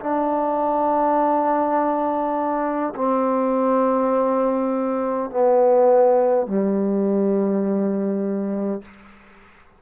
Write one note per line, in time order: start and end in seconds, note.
0.00 2.94 D4
2.95 5.30 C4
5.30 6.47 B3
6.47 8.82 G3